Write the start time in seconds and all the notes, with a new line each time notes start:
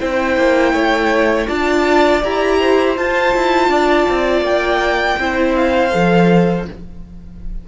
0.00 C4 E4 C5 G5
0.37 A#3
0.73 A3 C#5
1.47 D4 F4 D5 A5
2.24 E4 G4 A#5
2.60 C5
2.96 F4 A5
3.35 E4
3.68 D4 D5
4.09 C4
4.42 A#3 G5
5.19 C4 E4 C5
5.55 F5
5.91 F3 A4